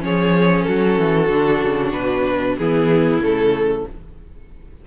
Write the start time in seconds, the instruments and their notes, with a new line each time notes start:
0.00 cello F3, viola C#4, violin G#4 C#5
0.63 violin F#4 A4
0.69 cello F#3
0.99 cello E3
1.29 cello D3, viola D4
1.62 cello C#3
1.93 cello B2, violin B4
2.58 cello E3, viola B3, violin E4 G#4
3.20 cello C#3, viola A3, violin A4